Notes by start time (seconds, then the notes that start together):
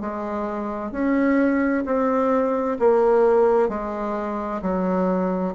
0.00 G#3
0.91 C#4
1.85 C4
2.79 A#3
3.69 G#3
4.62 F#3